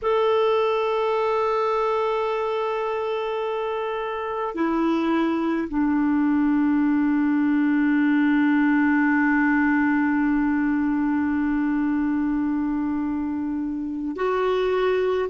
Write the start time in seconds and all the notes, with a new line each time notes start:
0.02 A4
4.54 E4
5.68 D4
14.16 F#4